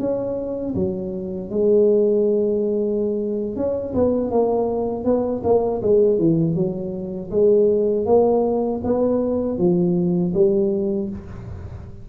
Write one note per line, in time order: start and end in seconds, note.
0.00 0.75 C#4
0.76 1.50 F#3
1.50 3.57 G#3
3.57 3.94 C#4
3.94 4.31 B3
4.31 5.05 A#3
5.05 5.42 B3
5.44 5.82 A#3
5.82 6.19 G#3
6.19 6.56 E3
6.56 7.31 F#3
7.31 8.06 G#3
8.06 8.81 A#3
8.84 9.59 B3
9.59 10.34 F3
10.35 11.10 G3